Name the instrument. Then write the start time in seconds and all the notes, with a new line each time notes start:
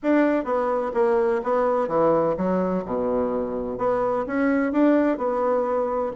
bassoon
0.02 D4
0.44 B3
0.93 A#3
1.43 B3
1.88 E3
2.37 F#3
2.85 B2
3.78 B3
4.26 C#4
4.72 D4
5.17 B3